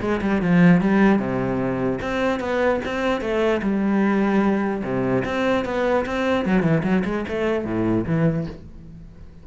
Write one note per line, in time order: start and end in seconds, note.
0.00 0.20 G#3
0.21 0.41 G3
0.41 0.81 F3
0.81 1.19 G3
1.19 1.99 C3
2.01 2.39 C4
2.39 2.80 B3
2.85 3.20 C4
3.20 3.61 A3
3.62 4.83 G3
4.83 5.23 C3
5.24 5.64 C4
5.65 6.05 B3
6.06 6.45 C4
6.45 6.62 F#3
6.62 6.82 E3
6.83 7.03 F#3
7.05 7.25 G#3
7.28 7.65 A3
7.65 8.05 A2
8.06 8.46 E3